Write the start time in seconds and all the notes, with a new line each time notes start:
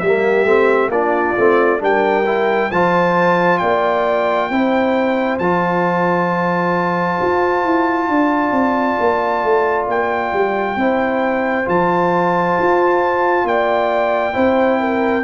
0.00 G3 A#3 G4 E5
0.44 A3 C4
0.89 A#3 D4 F4 D5
1.38 A3 C4
1.79 G3 D4 A#4 G5
2.26 E4
2.71 F3 F4 C5 A5
3.58 A#3 D5 G5
4.50 C4 E4 C5
5.38 F3 F4 A5
7.22 F4
7.64 E4
8.09 D4 D5
8.52 C4
9.00 A#3
9.43 A3
9.88 A#3 G5
10.33 G3
10.76 C4 E4 C5
11.65 F3 F4 A5
12.59 F4
13.45 A#3 D5 G5
14.33 C4 E4 C5
14.80 A#4